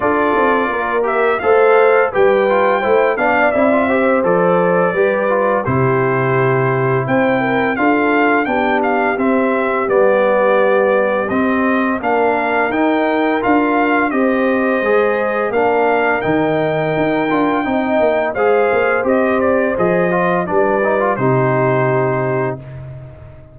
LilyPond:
<<
  \new Staff \with { instrumentName = "trumpet" } { \time 4/4 \tempo 4 = 85 d''4. e''8 f''4 g''4~ | g''8 f''8 e''4 d''2 | c''2 g''4 f''4 | g''8 f''8 e''4 d''2 |
dis''4 f''4 g''4 f''4 | dis''2 f''4 g''4~ | g''2 f''4 dis''8 d''8 | dis''4 d''4 c''2 | }
  \new Staff \with { instrumentName = "horn" } { \time 4/4 a'4 ais'4 c''4 b'4 | c''8 d''4 c''4. b'4 | g'2 c''8 ais'8 a'4 | g'1~ |
g'4 ais'2. | c''2 ais'2~ | ais'4 dis''4 c''2~ | c''4 b'4 g'2 | }
  \new Staff \with { instrumentName = "trombone" } { \time 4/4 f'4. g'8 a'4 g'8 f'8 | e'8 d'8 e'16 f'16 g'8 a'4 g'8 f'8 | e'2. f'4 | d'4 c'4 b2 |
c'4 d'4 dis'4 f'4 | g'4 gis'4 d'4 dis'4~ | dis'8 f'8 dis'4 gis'4 g'4 | gis'8 f'8 d'8 dis'16 f'16 dis'2 | }
  \new Staff \with { instrumentName = "tuba" } { \time 4/4 d'8 c'8 ais4 a4 g4 | a8 b8 c'4 f4 g4 | c2 c'4 d'4 | b4 c'4 g2 |
c'4 ais4 dis'4 d'4 | c'4 gis4 ais4 dis4 | dis'8 d'8 c'8 ais8 gis8 ais8 c'4 | f4 g4 c2 | }
>>